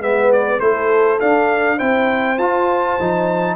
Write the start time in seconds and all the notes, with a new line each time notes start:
0.00 G#3 B3 B4 E5
0.32 D5
0.60 A3 E4 A4 C5
1.20 D4 F5
1.77 C4 E4 C5 G5
2.38 F4 A5
3.00 F3 D#4